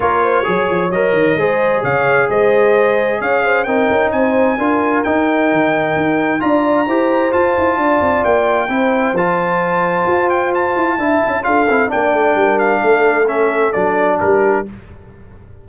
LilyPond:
<<
  \new Staff \with { instrumentName = "trumpet" } { \time 4/4 \tempo 4 = 131 cis''2 dis''2 | f''4 dis''2 f''4 | g''4 gis''2 g''4~ | g''2 ais''2 |
a''2 g''2 | a''2~ a''8 g''8 a''4~ | a''4 f''4 g''4. f''8~ | f''4 e''4 d''4 ais'4 | }
  \new Staff \with { instrumentName = "horn" } { \time 4/4 ais'8 c''8 cis''2 c''4 | cis''4 c''2 cis''8 c''8 | ais'4 c''4 ais'2~ | ais'2 d''4 c''4~ |
c''4 d''2 c''4~ | c''1 | e''4 a'4 d''4 ais'4 | a'2. g'4 | }
  \new Staff \with { instrumentName = "trombone" } { \time 4/4 f'4 gis'4 ais'4 gis'4~ | gis'1 | dis'2 f'4 dis'4~ | dis'2 f'4 g'4 |
f'2. e'4 | f'1 | e'4 f'8 e'8 d'2~ | d'4 cis'4 d'2 | }
  \new Staff \with { instrumentName = "tuba" } { \time 4/4 ais4 fis8 f8 fis8 dis8 gis4 | cis4 gis2 cis'4 | c'8 cis'8 c'4 d'4 dis'4 | dis4 dis'4 d'4 e'4 |
f'8 e'8 d'8 c'8 ais4 c'4 | f2 f'4. e'8 | d'8 cis'8 d'8 c'8 ais8 a8 g4 | a2 fis4 g4 | }
>>